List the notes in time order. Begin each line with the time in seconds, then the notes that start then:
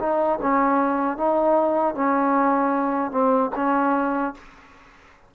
0.00 D#4
0.42 C#4
1.18 D#4
1.95 C#4
3.11 C4
3.56 C#4